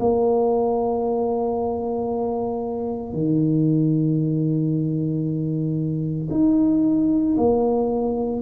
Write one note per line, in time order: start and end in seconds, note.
0.00 3.13 A#3
3.13 6.29 D#3
6.31 7.36 D#4
7.37 8.42 A#3